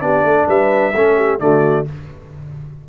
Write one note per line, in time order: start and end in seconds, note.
0.00 0.24 B3
0.00 0.92 D4
0.00 0.25 G4
0.00 0.47 D5
0.24 0.47 A3
0.24 0.47 A4
0.47 0.94 G3
0.47 0.93 B4
0.47 1.39 E5
0.93 1.39 A3
0.93 1.39 C#4
0.93 1.16 A4
1.16 1.39 G4
1.39 1.85 D3
1.39 1.85 A3
1.39 1.88 F#4
1.39 1.85 D5